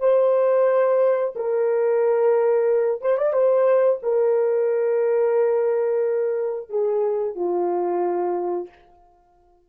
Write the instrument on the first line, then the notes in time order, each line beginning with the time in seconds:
horn
0.00 C5
1.35 A#4
3.02 C5
3.17 D5
3.33 C5
4.03 A#4
6.69 G#4
7.35 F4